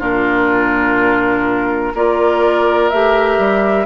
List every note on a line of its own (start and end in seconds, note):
0.00 1.94 A#2
0.00 1.94 D4
0.00 1.94 F4
0.00 1.96 A#4
1.95 2.92 A#3
1.95 2.93 F4
1.95 3.86 A#4
1.95 2.90 D5
2.90 3.39 A3
2.90 3.86 G4
2.90 3.86 E5
3.39 3.86 G3